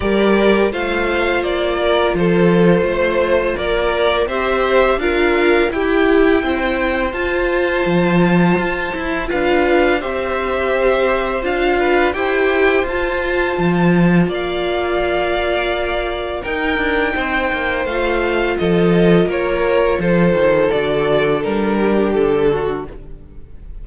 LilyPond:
<<
  \new Staff \with { instrumentName = "violin" } { \time 4/4 \tempo 4 = 84 d''4 f''4 d''4 c''4~ | c''4 d''4 e''4 f''4 | g''2 a''2~ | a''4 f''4 e''2 |
f''4 g''4 a''2 | f''2. g''4~ | g''4 f''4 dis''4 cis''4 | c''4 d''4 ais'4 a'4 | }
  \new Staff \with { instrumentName = "violin" } { \time 4/4 ais'4 c''4. ais'8 a'4 | c''4 ais'4 c''4 ais'4 | g'4 c''2.~ | c''4 b'4 c''2~ |
c''8 b'8 c''2. | d''2. ais'4 | c''2 a'4 ais'4 | a'2~ a'8 g'4 fis'8 | }
  \new Staff \with { instrumentName = "viola" } { \time 4/4 g'4 f'2.~ | f'2 g'4 f'4 | e'2 f'2~ | f'8 e'8 f'4 g'2 |
f'4 g'4 f'2~ | f'2. dis'4~ | dis'4 f'2.~ | f'4 fis'4 d'2 | }
  \new Staff \with { instrumentName = "cello" } { \time 4/4 g4 a4 ais4 f4 | a4 ais4 c'4 d'4 | e'4 c'4 f'4 f4 | f'8 e'8 d'4 c'2 |
d'4 e'4 f'4 f4 | ais2. dis'8 d'8 | c'8 ais8 a4 f4 ais4 | f8 dis8 d4 g4 d4 | }
>>